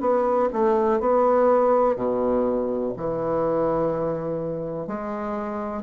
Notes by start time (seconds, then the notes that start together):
0.00 B3
0.52 A3
0.99 B3
1.96 B2
2.96 E3
4.87 G#3